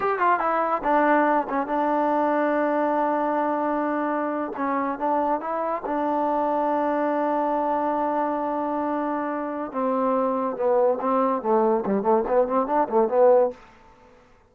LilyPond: \new Staff \with { instrumentName = "trombone" } { \time 4/4 \tempo 4 = 142 g'8 f'8 e'4 d'4. cis'8 | d'1~ | d'2~ d'8. cis'4 d'16~ | d'8. e'4 d'2~ d'16~ |
d'1~ | d'2. c'4~ | c'4 b4 c'4 a4 | g8 a8 b8 c'8 d'8 a8 b4 | }